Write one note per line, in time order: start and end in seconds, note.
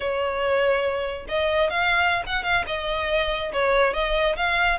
0.00 1.26 C#5
1.28 1.70 D#5
1.70 2.23 F5
2.26 2.43 F#5
2.43 2.64 F5
2.66 3.51 D#5
3.52 3.93 C#5
3.93 4.36 D#5
4.36 4.78 F5